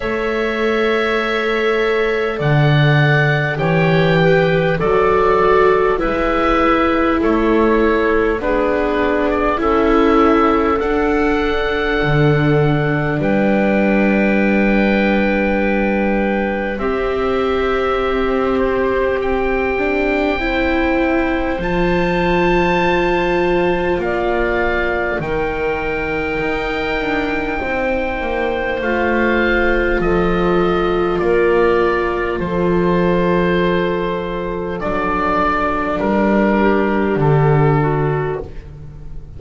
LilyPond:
<<
  \new Staff \with { instrumentName = "oboe" } { \time 4/4 \tempo 4 = 50 e''2 fis''4 g''4 | d''4 e''4 cis''4 b'8. d''16 | e''4 fis''2 g''4~ | g''2 e''4. c''8 |
g''2 a''2 | f''4 g''2. | f''4 dis''4 d''4 c''4~ | c''4 d''4 ais'4 a'4 | }
  \new Staff \with { instrumentName = "clarinet" } { \time 4/4 cis''2 d''4 cis''8 b'8 | a'4 b'4 a'4 gis'4 | a'2. b'4~ | b'2 g'2~ |
g'4 c''2. | d''4 ais'2 c''4~ | c''4 a'4 ais'4 a'4~ | a'2~ a'8 g'4 fis'8 | }
  \new Staff \with { instrumentName = "viola" } { \time 4/4 a'2. g'4 | fis'4 e'2 d'4 | e'4 d'2.~ | d'2 c'2~ |
c'8 d'8 e'4 f'2~ | f'4 dis'2. | f'1~ | f'4 d'2. | }
  \new Staff \with { instrumentName = "double bass" } { \time 4/4 a2 d4 e4 | fis4 gis4 a4 b4 | cis'4 d'4 d4 g4~ | g2 c'2~ |
c'2 f2 | ais4 dis4 dis'8 d'8 c'8 ais8 | a4 f4 ais4 f4~ | f4 fis4 g4 d4 | }
>>